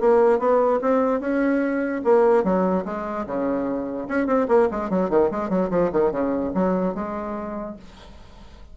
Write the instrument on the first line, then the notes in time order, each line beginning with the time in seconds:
bassoon
0.00 A#3
0.39 B3
0.81 C4
1.20 C#4
2.04 A#3
2.44 F#3
2.85 G#3
3.26 C#3
4.08 C#4
4.27 C4
4.48 A#3
4.71 G#3
4.90 F#3
5.10 D#3
5.31 G#3
5.49 F#3
5.70 F3
5.92 D#3
6.11 C#3
6.54 F#3
6.95 G#3